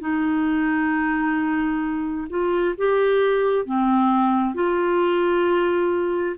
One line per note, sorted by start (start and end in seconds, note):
0.00 2.27 D#4
2.29 2.75 F4
2.77 3.65 G4
3.65 4.54 C4
4.54 6.36 F4